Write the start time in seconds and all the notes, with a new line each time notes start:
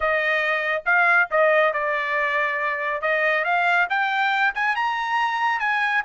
0.00 D#5
0.85 F5
1.30 D#5
1.73 D5
3.01 D#5
3.44 F5
3.89 G5
4.55 G#5
4.75 A#5
5.59 G#5